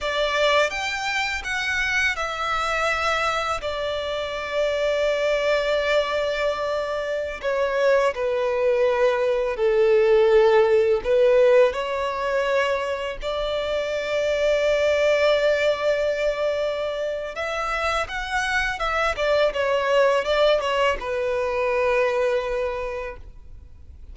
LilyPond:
\new Staff \with { instrumentName = "violin" } { \time 4/4 \tempo 4 = 83 d''4 g''4 fis''4 e''4~ | e''4 d''2.~ | d''2~ d''16 cis''4 b'8.~ | b'4~ b'16 a'2 b'8.~ |
b'16 cis''2 d''4.~ d''16~ | d''1 | e''4 fis''4 e''8 d''8 cis''4 | d''8 cis''8 b'2. | }